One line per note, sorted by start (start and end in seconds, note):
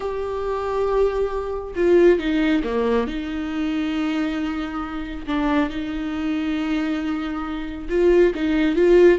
0.00 1.74 G4
1.75 2.19 F4
2.19 2.63 D#4
2.63 3.07 A#3
3.07 5.26 D#4
5.27 5.69 D4
5.69 7.88 D#4
7.89 8.33 F4
8.34 8.75 D#4
8.75 9.19 F4